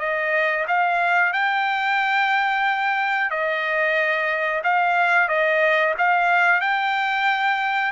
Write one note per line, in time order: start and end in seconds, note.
0.00 0.66 D#5
0.68 1.33 F5
1.33 3.31 G5
3.31 4.62 D#5
4.64 5.29 F5
5.29 5.95 D#5
5.98 6.61 F5
6.61 7.92 G5